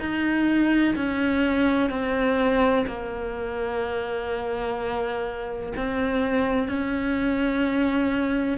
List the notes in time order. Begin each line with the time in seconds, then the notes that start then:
0.00 D#4
0.96 C#4
1.90 C4
2.87 A#3
5.77 C4
6.68 C#4